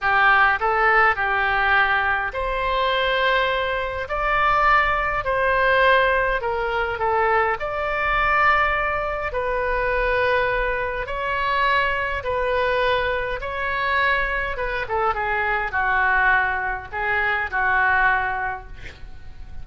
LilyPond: \new Staff \with { instrumentName = "oboe" } { \time 4/4 \tempo 4 = 103 g'4 a'4 g'2 | c''2. d''4~ | d''4 c''2 ais'4 | a'4 d''2. |
b'2. cis''4~ | cis''4 b'2 cis''4~ | cis''4 b'8 a'8 gis'4 fis'4~ | fis'4 gis'4 fis'2 | }